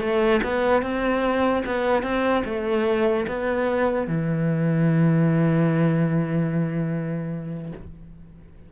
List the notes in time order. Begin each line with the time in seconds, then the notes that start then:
0.00 A3
0.43 B3
0.82 C4
1.65 B3
2.02 C4
2.45 A3
3.28 B3
4.07 E3